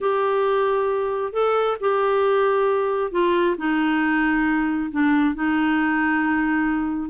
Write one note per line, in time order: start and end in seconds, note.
0.00 1.33 G4
1.33 1.77 A4
1.80 3.11 G4
3.11 3.56 F4
3.57 4.90 D#4
4.91 5.34 D4
5.34 7.09 D#4